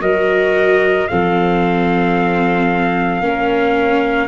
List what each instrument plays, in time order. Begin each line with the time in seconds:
0.00 tuba F#3, viola F#4, clarinet A#4, trumpet D#5
1.08 tuba F3, viola C4, clarinet A4, trumpet F5
3.20 tuba A#3, viola C#4, clarinet A#4